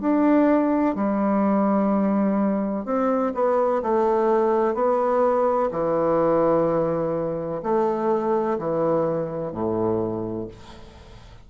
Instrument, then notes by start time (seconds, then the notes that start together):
bassoon
0.00 D4
0.95 G3
2.85 C4
3.34 B3
3.82 A3
4.74 B3
5.71 E3
7.62 A3
8.58 E3
9.52 A2